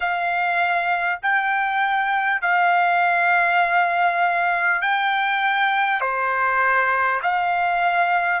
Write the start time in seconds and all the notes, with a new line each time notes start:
0.00 F5
1.22 G5
2.41 F5
4.81 G5
6.01 C5
7.22 F5